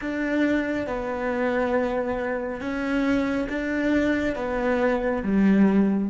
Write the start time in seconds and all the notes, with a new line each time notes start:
0.01 D4
0.87 B3
2.60 C#4
3.49 D4
4.35 B3
5.22 G3